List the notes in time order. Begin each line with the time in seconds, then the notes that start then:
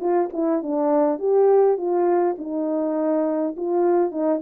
0.00 F4
0.33 E4
0.62 D4
1.19 G4
1.77 F4
2.38 D#4
3.57 F4
4.11 D#4